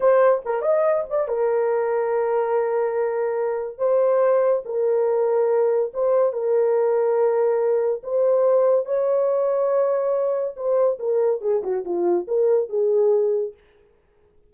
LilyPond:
\new Staff \with { instrumentName = "horn" } { \time 4/4 \tempo 4 = 142 c''4 ais'8 dis''4 d''8 ais'4~ | ais'1~ | ais'4 c''2 ais'4~ | ais'2 c''4 ais'4~ |
ais'2. c''4~ | c''4 cis''2.~ | cis''4 c''4 ais'4 gis'8 fis'8 | f'4 ais'4 gis'2 | }